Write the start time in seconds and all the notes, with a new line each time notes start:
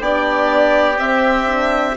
0.00 B3 D4 G4 D5
0.96 C4 E5
1.46 D4